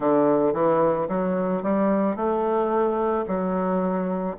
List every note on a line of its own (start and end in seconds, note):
0.00 0.53 D3
0.53 1.08 E3
1.08 1.62 F#3
1.62 2.15 G3
2.15 3.24 A3
3.27 4.36 F#3